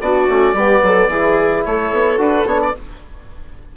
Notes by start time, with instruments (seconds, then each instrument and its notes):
0.00 bassoon B3, trombone D4, viola F#4, oboe D5
0.27 bassoon A3, trombone C#4
0.53 bassoon G3, trombone B3, viola G4
0.83 bassoon F#3, viola A4
1.08 bassoon E3, trombone E4, viola G#4
1.64 bassoon A3, viola A4, oboe C#5
1.91 bassoon B3
2.17 bassoon D4, trombone F#4, oboe B4
2.45 bassoon B3, trombone D4, oboe C#5
2.61 oboe D5